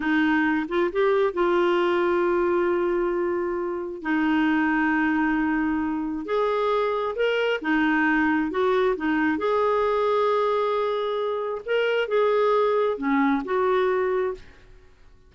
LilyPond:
\new Staff \with { instrumentName = "clarinet" } { \time 4/4 \tempo 4 = 134 dis'4. f'8 g'4 f'4~ | f'1~ | f'4 dis'2.~ | dis'2 gis'2 |
ais'4 dis'2 fis'4 | dis'4 gis'2.~ | gis'2 ais'4 gis'4~ | gis'4 cis'4 fis'2 | }